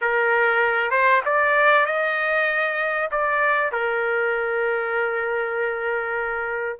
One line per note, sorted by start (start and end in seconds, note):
0.01 0.90 A#4
0.90 1.21 C5
1.25 1.86 D5
1.86 3.09 D#5
3.11 3.71 D5
3.71 6.79 A#4